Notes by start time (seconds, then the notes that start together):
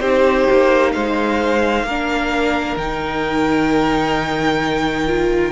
0.00 C4 D#4 G4 C5
0.51 A#3
0.93 G#3 C5 F5
1.84 A#3 D4 A#4
2.77 D#3 D#4 G5
5.08 F4